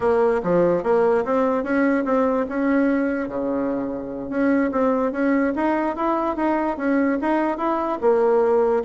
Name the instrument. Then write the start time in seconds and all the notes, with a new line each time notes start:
bassoon
0.00 A#3
0.43 F3
0.83 A#3
1.24 C4
1.63 C#4
2.05 C4
2.48 C#4
3.28 C#3
4.29 C#4
4.71 C4
5.12 C#4
5.55 D#4
5.96 E4
6.36 D#4
6.77 C#4
7.21 D#4
7.57 E4
8.01 A#3